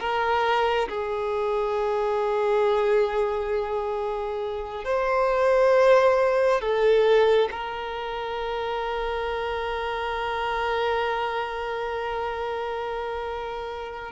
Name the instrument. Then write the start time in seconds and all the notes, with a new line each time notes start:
violin
0.00 A#4
0.89 G#4
4.85 C5
6.61 A4
7.52 A#4